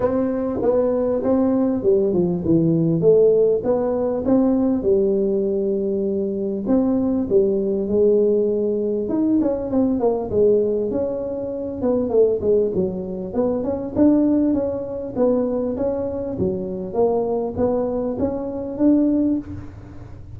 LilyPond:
\new Staff \with { instrumentName = "tuba" } { \time 4/4 \tempo 4 = 99 c'4 b4 c'4 g8 f8 | e4 a4 b4 c'4 | g2. c'4 | g4 gis2 dis'8 cis'8 |
c'8 ais8 gis4 cis'4. b8 | a8 gis8 fis4 b8 cis'8 d'4 | cis'4 b4 cis'4 fis4 | ais4 b4 cis'4 d'4 | }